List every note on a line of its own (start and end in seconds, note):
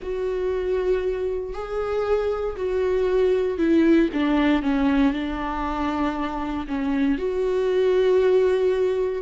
0.02 1.53 F#4
1.53 2.56 G#4
2.56 3.58 F#4
3.58 4.09 E4
4.13 4.62 D4
4.62 5.13 C#4
5.13 6.67 D4
6.67 7.17 C#4
7.17 9.22 F#4